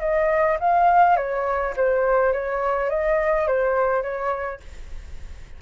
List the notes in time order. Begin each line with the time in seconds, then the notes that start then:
0.00 D#5
0.60 F5
1.17 C#5
1.77 C5
2.33 C#5
2.90 D#5
3.47 C5
4.03 C#5